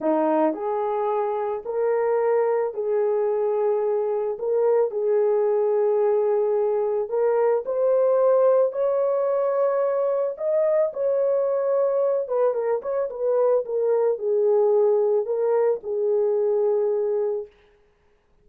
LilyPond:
\new Staff \with { instrumentName = "horn" } { \time 4/4 \tempo 4 = 110 dis'4 gis'2 ais'4~ | ais'4 gis'2. | ais'4 gis'2.~ | gis'4 ais'4 c''2 |
cis''2. dis''4 | cis''2~ cis''8 b'8 ais'8 cis''8 | b'4 ais'4 gis'2 | ais'4 gis'2. | }